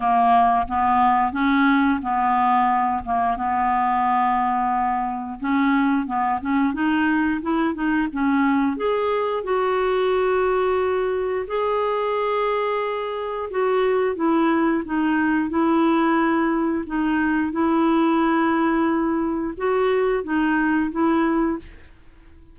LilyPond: \new Staff \with { instrumentName = "clarinet" } { \time 4/4 \tempo 4 = 89 ais4 b4 cis'4 b4~ | b8 ais8 b2. | cis'4 b8 cis'8 dis'4 e'8 dis'8 | cis'4 gis'4 fis'2~ |
fis'4 gis'2. | fis'4 e'4 dis'4 e'4~ | e'4 dis'4 e'2~ | e'4 fis'4 dis'4 e'4 | }